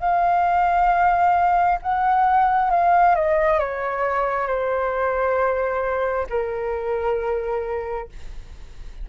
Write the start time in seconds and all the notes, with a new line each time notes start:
0.00 F5
1.82 F#5
2.71 F5
3.16 D#5
3.60 C#5
4.48 C5
6.30 A#4